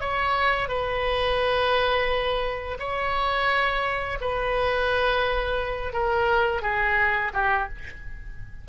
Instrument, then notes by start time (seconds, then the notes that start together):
oboe
0.00 C#5
0.68 B4
2.79 C#5
4.21 B4
5.93 A#4
6.62 G#4
7.34 G4